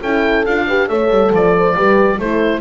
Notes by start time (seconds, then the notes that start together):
0.00 C#4 E4 A4 G5
0.45 D4 F4 F5
0.67 G4 B4
0.88 A3 A4 C#5 E5
1.09 G3
1.32 F3 D5
1.57 C5
1.76 G3 G4 B4
2.18 A3 E4 A4 C5